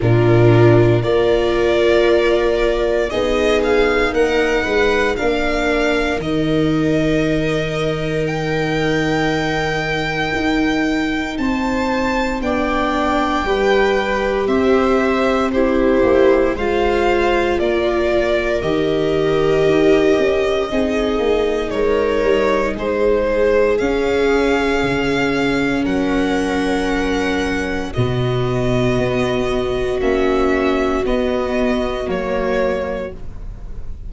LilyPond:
<<
  \new Staff \with { instrumentName = "violin" } { \time 4/4 \tempo 4 = 58 ais'4 d''2 dis''8 f''8 | fis''4 f''4 dis''2 | g''2. a''4 | g''2 e''4 c''4 |
f''4 d''4 dis''2~ | dis''4 cis''4 c''4 f''4~ | f''4 fis''2 dis''4~ | dis''4 e''4 dis''4 cis''4 | }
  \new Staff \with { instrumentName = "viola" } { \time 4/4 f'4 ais'2 gis'4 | ais'8 b'8 ais'2.~ | ais'2. c''4 | d''4 b'4 c''4 g'4 |
c''4 ais'2. | gis'4 ais'4 gis'2~ | gis'4 ais'2 fis'4~ | fis'1 | }
  \new Staff \with { instrumentName = "viola" } { \time 4/4 d'4 f'2 dis'4~ | dis'4 d'4 dis'2~ | dis'1 | d'4 g'2 e'4 |
f'2 g'2 | dis'2. cis'4~ | cis'2. b4~ | b4 cis'4 b4 ais4 | }
  \new Staff \with { instrumentName = "tuba" } { \time 4/4 ais,4 ais2 b4 | ais8 gis8 ais4 dis2~ | dis2 dis'4 c'4 | b4 g4 c'4. ais8 |
gis4 ais4 dis4 dis'8 cis'8 | c'8 ais8 gis8 g8 gis4 cis'4 | cis4 fis2 b,4 | b4 ais4 b4 fis4 | }
>>